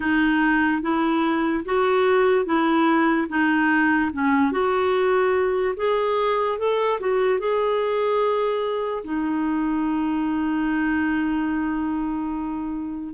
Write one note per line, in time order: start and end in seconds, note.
0.00 0.82 D#4
0.82 1.64 E4
1.65 2.45 F#4
2.45 3.27 E4
3.28 4.11 D#4
4.12 4.51 C#4
4.51 5.74 F#4
5.76 6.58 G#4
6.58 6.99 A4
7.00 7.39 F#4
7.39 9.03 G#4
9.04 13.14 D#4